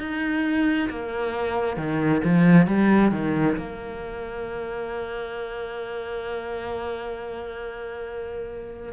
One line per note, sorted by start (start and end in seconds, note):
0.00 0.90 D#4
0.90 1.77 A#3
1.77 2.22 D#3
2.24 2.67 F3
2.67 3.12 G3
3.12 3.57 D#3
3.57 8.93 A#3